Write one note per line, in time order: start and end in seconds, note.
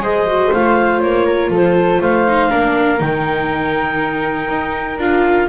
0.00 0.50 G#3
0.00 0.27 G#4
0.00 1.26 C5
0.00 0.53 D#5
0.27 0.52 F#4
0.53 1.02 A3
0.53 2.28 F4
0.53 1.00 F5
1.00 1.50 A#3
1.00 1.50 C#5
1.26 1.50 A#4
1.50 1.99 F3
1.50 2.00 A4
1.50 2.02 C5
2.01 2.51 A3
2.01 2.50 C5
2.01 3.01 F5
2.28 2.48 D#4
2.48 3.00 A#3
2.48 2.98 D4
2.48 5.48 A#4
2.99 4.48 D#3
2.99 4.97 D#4
2.99 4.99 G5
4.48 4.98 D#4
4.98 5.47 D4
4.98 5.49 F4
4.98 5.49 F5